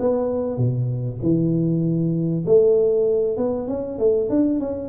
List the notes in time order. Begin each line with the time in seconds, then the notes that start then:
0.00 B3
0.58 B2
1.22 E3
2.46 A3
3.38 B3
3.68 C#4
3.99 A3
4.30 D4
4.60 C#4